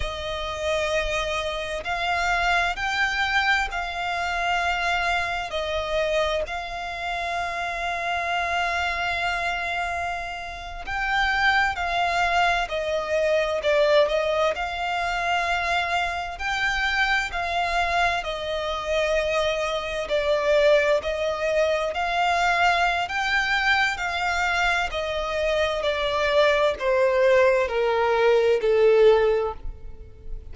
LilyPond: \new Staff \with { instrumentName = "violin" } { \time 4/4 \tempo 4 = 65 dis''2 f''4 g''4 | f''2 dis''4 f''4~ | f''2.~ f''8. g''16~ | g''8. f''4 dis''4 d''8 dis''8 f''16~ |
f''4.~ f''16 g''4 f''4 dis''16~ | dis''4.~ dis''16 d''4 dis''4 f''16~ | f''4 g''4 f''4 dis''4 | d''4 c''4 ais'4 a'4 | }